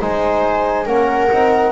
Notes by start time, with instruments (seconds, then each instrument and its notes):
0.00 double bass G#3, trombone D#4, viola C5, flute G#5
0.86 double bass A#3, trombone C#4, viola A#4, flute F#5
1.31 double bass C4, trombone D#4